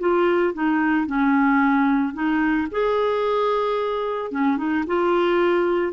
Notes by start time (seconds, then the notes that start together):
0.00 F4
0.54 D#4
1.07 C#4
2.14 D#4
2.71 G#4
4.31 C#4
4.58 D#4
4.87 F4